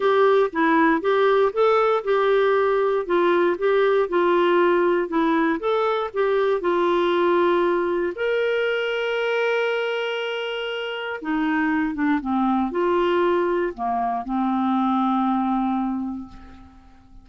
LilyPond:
\new Staff \with { instrumentName = "clarinet" } { \time 4/4 \tempo 4 = 118 g'4 e'4 g'4 a'4 | g'2 f'4 g'4 | f'2 e'4 a'4 | g'4 f'2. |
ais'1~ | ais'2 dis'4. d'8 | c'4 f'2 ais4 | c'1 | }